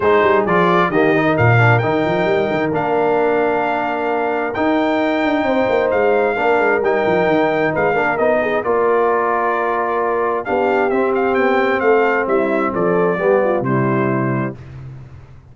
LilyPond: <<
  \new Staff \with { instrumentName = "trumpet" } { \time 4/4 \tempo 4 = 132 c''4 d''4 dis''4 f''4 | g''2 f''2~ | f''2 g''2~ | g''4 f''2 g''4~ |
g''4 f''4 dis''4 d''4~ | d''2. f''4 | e''8 f''8 g''4 f''4 e''4 | d''2 c''2 | }
  \new Staff \with { instrumentName = "horn" } { \time 4/4 gis'2 g'8. ais'4~ ais'16~ | ais'1~ | ais'1 | c''2 ais'2~ |
ais'4 b'8 ais'4 gis'8 ais'4~ | ais'2. g'4~ | g'2 a'4 e'4 | a'4 g'8 f'8 e'2 | }
  \new Staff \with { instrumentName = "trombone" } { \time 4/4 dis'4 f'4 ais8 dis'4 d'8 | dis'2 d'2~ | d'2 dis'2~ | dis'2 d'4 dis'4~ |
dis'4. d'8 dis'4 f'4~ | f'2. d'4 | c'1~ | c'4 b4 g2 | }
  \new Staff \with { instrumentName = "tuba" } { \time 4/4 gis8 g8 f4 dis4 ais,4 | dis8 f8 g8 dis8 ais2~ | ais2 dis'4. d'8 | c'8 ais8 gis4 ais8 gis8 g8 f8 |
dis4 gis8 ais8 b4 ais4~ | ais2. b4 | c'4 b4 a4 g4 | f4 g4 c2 | }
>>